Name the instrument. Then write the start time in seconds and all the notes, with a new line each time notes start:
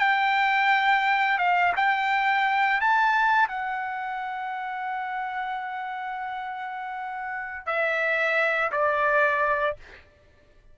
trumpet
0.00 G5
1.39 F5
1.77 G5
2.81 A5
3.49 F#5
7.67 E5
8.72 D5